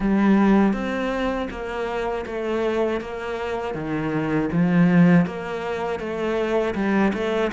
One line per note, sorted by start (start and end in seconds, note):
0.00 0.73 G3
0.73 1.48 C4
1.50 2.25 A#3
2.26 3.00 A3
3.00 3.74 A#3
3.74 4.49 D#3
4.51 5.25 F3
5.25 5.99 A#3
5.99 6.74 A3
6.74 7.12 G3
7.13 7.51 A3